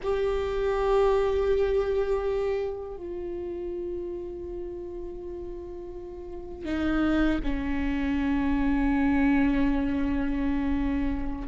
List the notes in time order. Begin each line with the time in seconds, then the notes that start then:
0.02 G4
2.96 F4
6.65 D#4
7.43 C#4